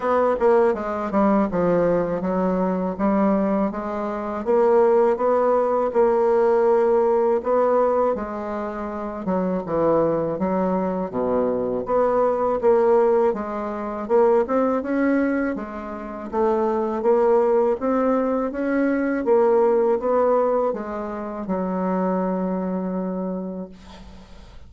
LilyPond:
\new Staff \with { instrumentName = "bassoon" } { \time 4/4 \tempo 4 = 81 b8 ais8 gis8 g8 f4 fis4 | g4 gis4 ais4 b4 | ais2 b4 gis4~ | gis8 fis8 e4 fis4 b,4 |
b4 ais4 gis4 ais8 c'8 | cis'4 gis4 a4 ais4 | c'4 cis'4 ais4 b4 | gis4 fis2. | }